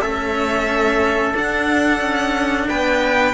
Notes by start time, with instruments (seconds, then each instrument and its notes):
0.00 cello A3 C#4, trumpet A4, violin E5
1.33 cello D4, violin F#5
2.00 cello C#4
2.68 cello B3, trumpet B4, violin G5